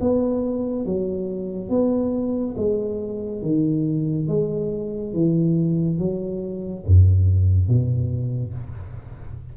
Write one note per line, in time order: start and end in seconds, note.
0.00 0.86 B3
0.86 1.69 F#3
1.69 2.55 B3
2.57 3.42 G#3
3.42 4.28 D#3
4.28 5.14 G#3
5.14 5.99 E3
5.99 6.85 F#3
6.86 7.68 F#2
7.68 8.54 B2